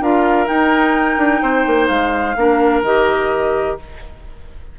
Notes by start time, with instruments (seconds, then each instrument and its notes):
0.00 bassoon D4, clarinet F4, oboe A#4, flute F5
0.46 clarinet D#4, bassoon D#4, flute G5
1.17 bassoon D4
1.42 bassoon C4, oboe C5
1.66 bassoon A#3
1.87 bassoon G#3, flute F5
2.36 bassoon A#3, clarinet D4, oboe A#4
2.82 bassoon D#3, clarinet G4, flute D#5